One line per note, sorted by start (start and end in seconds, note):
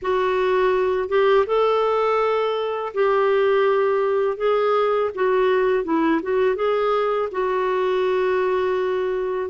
0.02 1.08 F#4
1.08 1.45 G4
1.46 2.93 A4
2.93 4.37 G4
4.37 5.10 G#4
5.15 5.84 F#4
5.84 6.20 E4
6.22 6.55 F#4
6.55 7.28 G#4
7.31 9.50 F#4